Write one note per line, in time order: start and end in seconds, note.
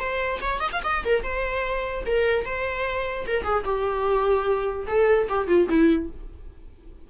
0.00 0.41 C5
0.42 0.60 C#5
0.60 0.71 D#5
0.73 0.83 F5
0.84 1.04 D#5
1.05 1.23 A#4
1.23 2.05 C5
2.07 2.45 A#4
2.45 3.27 C5
3.27 3.44 A#4
3.44 3.64 G#4
3.65 4.87 G4
4.88 5.28 A4
5.29 5.48 G4
5.48 5.68 F4
5.70 6.10 E4